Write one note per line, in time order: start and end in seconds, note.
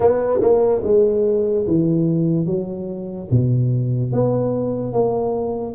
0.00 0.40 B3
0.40 0.81 A#3
0.83 1.65 G#3
1.67 2.46 E3
2.46 3.28 F#3
3.30 4.12 B2
4.12 4.92 B3
4.92 5.74 A#3